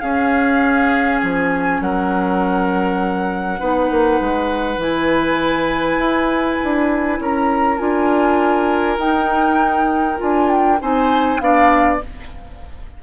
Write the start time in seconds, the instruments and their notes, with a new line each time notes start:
0.00 bassoon C#4, clarinet C#4, oboe G#4, flute F5
1.21 bassoon F3, flute G#5
1.80 bassoon F#3, oboe A#4, flute F#5
3.60 bassoon B3, clarinet D#4, oboe B4
3.90 bassoon A#3
4.20 bassoon G#3
4.78 bassoon E3, clarinet E4, flute G#5
5.98 bassoon E4
6.63 bassoon D4
7.19 bassoon C#4, oboe A#4, flute A#5
7.78 bassoon D4, clarinet F4, flute G#5
8.98 bassoon D#4, clarinet D#4, flute G5
10.17 bassoon D4, clarinet F4, flute G#5
10.51 flute G5
10.81 bassoon C4, clarinet D#4, oboe C5, flute G#5
11.39 bassoon B3, clarinet D4, oboe D5, flute F5